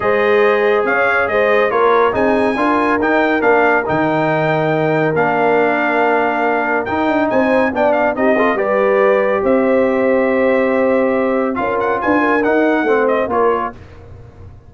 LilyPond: <<
  \new Staff \with { instrumentName = "trumpet" } { \time 4/4 \tempo 4 = 140 dis''2 f''4 dis''4 | cis''4 gis''2 g''4 | f''4 g''2. | f''1 |
g''4 gis''4 g''8 f''8 dis''4 | d''2 e''2~ | e''2. f''8 fis''8 | gis''4 fis''4. dis''8 cis''4 | }
  \new Staff \with { instrumentName = "horn" } { \time 4/4 c''2 cis''4 c''4 | ais'4 gis'4 ais'2~ | ais'1~ | ais'1~ |
ais'4 c''4 d''4 g'8 a'8 | b'2 c''2~ | c''2. ais'4 | b'8 ais'4. c''4 ais'4 | }
  \new Staff \with { instrumentName = "trombone" } { \time 4/4 gis'1 | f'4 dis'4 f'4 dis'4 | d'4 dis'2. | d'1 |
dis'2 d'4 dis'8 f'8 | g'1~ | g'2. f'4~ | f'4 dis'4 c'4 f'4 | }
  \new Staff \with { instrumentName = "tuba" } { \time 4/4 gis2 cis'4 gis4 | ais4 c'4 d'4 dis'4 | ais4 dis2. | ais1 |
dis'8 d'8 c'4 b4 c'4 | g2 c'2~ | c'2. cis'4 | d'4 dis'4 a4 ais4 | }
>>